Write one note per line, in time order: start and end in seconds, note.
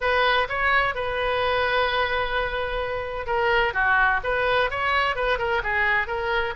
0.00 0.47 B4
0.48 0.94 C#5
0.94 3.26 B4
3.26 3.73 A#4
3.73 4.20 F#4
4.23 4.70 B4
4.70 5.15 C#5
5.15 5.38 B4
5.38 5.62 A#4
5.63 6.07 G#4
6.07 6.54 A#4